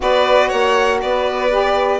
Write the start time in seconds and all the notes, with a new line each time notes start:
0.00 B3 F#4 B4 D5
0.48 A#3 C#5 F#5
1.01 B3 B4 D5
1.50 G4